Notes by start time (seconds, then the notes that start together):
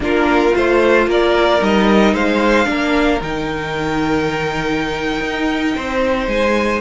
0.00 A#3 D4 F4 A#4
0.53 A3 F4 C5
1.06 A#3 A#4 D5
1.59 G3 D#4 D#5
2.13 G#3 C5 F5
2.65 A#3 D4 A#4
3.21 D#3 D#4 G5
5.21 D#4
5.75 C4 C5
6.27 G#3 G#5